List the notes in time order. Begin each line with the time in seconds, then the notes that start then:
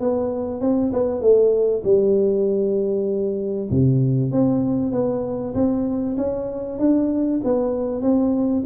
0.00 B3
0.61 C4
0.93 B3
1.21 A3
1.84 G3
3.70 C3
4.32 C4
4.92 B3
5.54 C4
6.17 C#4
6.79 D4
7.44 B3
8.01 C4